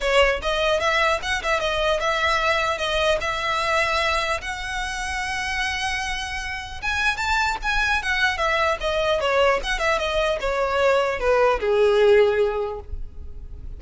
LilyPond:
\new Staff \with { instrumentName = "violin" } { \time 4/4 \tempo 4 = 150 cis''4 dis''4 e''4 fis''8 e''8 | dis''4 e''2 dis''4 | e''2. fis''4~ | fis''1~ |
fis''4 gis''4 a''4 gis''4 | fis''4 e''4 dis''4 cis''4 | fis''8 e''8 dis''4 cis''2 | b'4 gis'2. | }